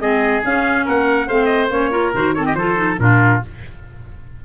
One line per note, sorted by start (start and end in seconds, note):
0.00 0.43 G#3
0.00 0.43 C4
0.00 0.85 G#4
0.00 0.44 D#5
0.44 1.29 C#4
0.44 0.87 C#4
0.44 0.88 F5
0.85 1.29 A#3
0.85 1.27 A#4
0.85 1.29 F#5
1.27 1.71 A3
1.27 1.70 C4
1.27 1.91 C5
1.27 1.46 F5
1.46 1.67 D#5
1.70 2.13 A#3
1.70 1.91 C#4
1.70 2.14 C#5
1.92 2.13 F4
1.92 2.34 A#4
2.15 2.55 D#3
2.15 2.36 F#4
2.15 2.34 C5
2.34 2.57 C4
2.34 2.46 A4
2.34 2.45 C#5
2.46 2.57 G4
2.46 2.56 D#5
2.55 2.98 F3
2.55 2.76 F4
2.55 3.00 A4
2.55 2.98 C5
2.76 2.97 D#4
2.99 3.42 A#2
2.99 3.41 D4
2.99 3.45 F4
2.99 3.43 A#4